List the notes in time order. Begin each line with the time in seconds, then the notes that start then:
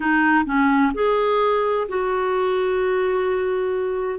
0.00 D#4
0.45 C#4
0.94 G#4
1.88 F#4